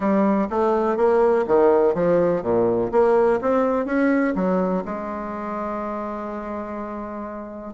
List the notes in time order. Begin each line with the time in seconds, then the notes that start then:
0.00 G3
0.50 A3
0.96 A#3
1.47 D#3
1.94 F3
2.42 A#2
2.91 A#3
3.41 C4
3.85 C#4
4.35 F#3
4.85 G#3